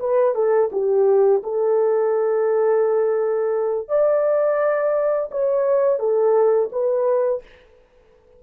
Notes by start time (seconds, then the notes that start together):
0.00 B4
0.35 A4
0.72 G4
1.43 A4
3.89 D5
5.31 C#5
5.99 A4
6.72 B4